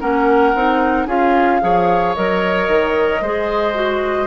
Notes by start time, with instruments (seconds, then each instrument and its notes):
0.00 bassoon A#3, clarinet C#4, oboe A#4, flute F#5
0.54 bassoon C4, clarinet D#4
1.06 bassoon C#4, clarinet F4, oboe G#4, flute F5
1.61 bassoon F3, clarinet G#4, oboe C#5
2.15 bassoon F#3, clarinet A#4, flute D#5
2.68 bassoon D#3
3.21 bassoon G#3, clarinet G#4, oboe C5
3.74 clarinet F#4